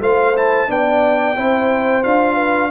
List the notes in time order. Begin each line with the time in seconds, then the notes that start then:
0.00 A3 F4 C5 F5
0.35 E4 A5
0.67 B3 D4 D5 G5
1.36 C4 E4 C5
2.03 D4 F4 F5
2.35 B4